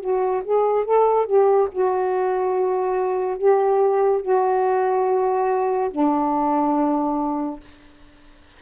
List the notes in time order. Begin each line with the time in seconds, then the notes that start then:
0.00 F#4
0.44 G#4
0.84 A4
1.26 G4
1.71 F#4
3.37 G4
4.21 F#4
5.90 D4